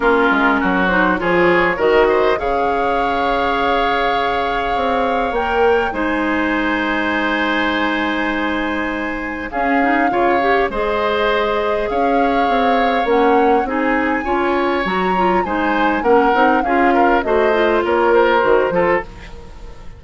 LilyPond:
<<
  \new Staff \with { instrumentName = "flute" } { \time 4/4 \tempo 4 = 101 ais'4. c''8 cis''4 dis''4 | f''1~ | f''4 g''4 gis''2~ | gis''1 |
f''2 dis''2 | f''2 fis''4 gis''4~ | gis''4 ais''4 gis''4 fis''4 | f''4 dis''4 cis''8 c''4. | }
  \new Staff \with { instrumentName = "oboe" } { \time 4/4 f'4 fis'4 gis'4 ais'8 c''8 | cis''1~ | cis''2 c''2~ | c''1 |
gis'4 cis''4 c''2 | cis''2. gis'4 | cis''2 c''4 ais'4 | gis'8 ais'8 c''4 ais'4. a'8 | }
  \new Staff \with { instrumentName = "clarinet" } { \time 4/4 cis'4. dis'8 f'4 fis'4 | gis'1~ | gis'4 ais'4 dis'2~ | dis'1 |
cis'8 dis'8 f'8 g'8 gis'2~ | gis'2 cis'4 dis'4 | f'4 fis'8 f'8 dis'4 cis'8 dis'8 | f'4 fis'8 f'4. fis'8 f'8 | }
  \new Staff \with { instrumentName = "bassoon" } { \time 4/4 ais8 gis8 fis4 f4 dis4 | cis1 | c'4 ais4 gis2~ | gis1 |
cis'4 cis4 gis2 | cis'4 c'4 ais4 c'4 | cis'4 fis4 gis4 ais8 c'8 | cis'4 a4 ais4 dis8 f8 | }
>>